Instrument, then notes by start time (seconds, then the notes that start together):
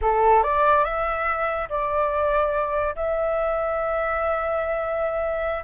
flute
0.01 A4
0.43 D5
0.84 E5
1.69 D5
2.95 E5